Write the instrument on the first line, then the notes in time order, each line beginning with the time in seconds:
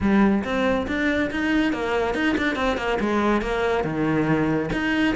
cello
0.00 G3
0.44 C4
0.87 D4
1.30 D#4
1.72 A#3
2.14 D#4
2.37 D4
2.55 C4
2.77 A#3
2.99 G#3
3.41 A#3
3.84 D#3
4.72 D#4